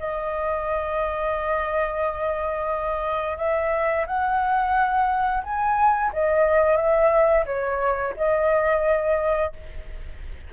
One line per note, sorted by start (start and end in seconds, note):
0.00 3.38 D#5
3.38 4.06 E5
4.07 5.44 F#5
5.44 6.12 G#5
6.13 6.77 D#5
6.77 7.45 E5
7.47 8.15 C#5
8.17 9.54 D#5